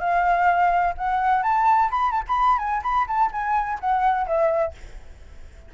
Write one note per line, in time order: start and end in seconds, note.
0.00 0.94 F5
0.97 1.43 F#5
1.43 1.90 A5
1.90 2.11 B5
2.11 2.23 A5
2.28 2.58 B5
2.58 2.82 G#5
2.83 3.07 B5
3.08 3.31 A5
3.32 3.79 G#5
3.80 4.27 F#5
4.27 4.75 E5